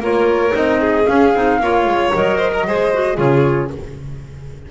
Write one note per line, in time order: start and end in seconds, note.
0.00 0.53 A#3
0.00 0.51 F4
0.00 0.81 A#4
0.00 0.56 C#5
0.51 1.07 C4
0.51 1.03 D#4
0.51 1.07 D#5
0.81 1.60 G#4
1.07 1.33 C#4
1.07 1.34 C#4
1.07 2.12 F5
1.34 1.60 C4
1.34 1.62 D#4
1.60 1.86 A#3
1.60 2.14 F4
1.60 2.37 C#5
1.86 2.12 G#3
2.14 2.67 F#3
2.14 2.67 A#4
2.14 3.18 D#5
2.37 2.51 C5
2.54 2.67 A#4
2.67 3.18 G#3
2.67 2.93 G#4
2.67 3.17 C5
2.93 3.16 F#4
3.16 3.71 C#3
3.16 3.69 F4
3.16 3.69 G#4
3.16 3.71 C#5